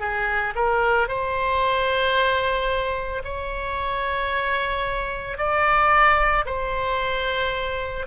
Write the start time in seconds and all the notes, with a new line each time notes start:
0.00 G#4
0.55 A#4
1.08 C5
3.24 C#5
5.38 D5
6.46 C5